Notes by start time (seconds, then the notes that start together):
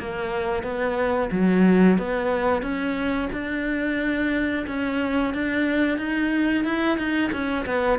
0.00 A#3
0.63 B3
1.32 F#3
1.99 B3
2.62 C#4
3.33 D4
4.68 C#4
5.34 D4
5.98 D#4
6.65 E4
6.98 D#4
7.33 C#4
7.66 B3